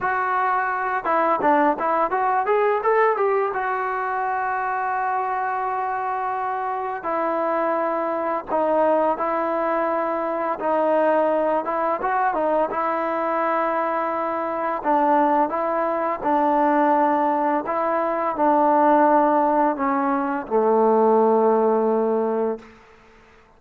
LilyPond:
\new Staff \with { instrumentName = "trombone" } { \time 4/4 \tempo 4 = 85 fis'4. e'8 d'8 e'8 fis'8 gis'8 | a'8 g'8 fis'2.~ | fis'2 e'2 | dis'4 e'2 dis'4~ |
dis'8 e'8 fis'8 dis'8 e'2~ | e'4 d'4 e'4 d'4~ | d'4 e'4 d'2 | cis'4 a2. | }